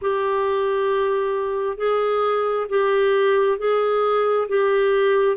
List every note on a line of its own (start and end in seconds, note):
0.01 1.77 G4
1.77 2.66 G#4
2.69 3.58 G4
3.58 4.47 G#4
4.48 5.36 G4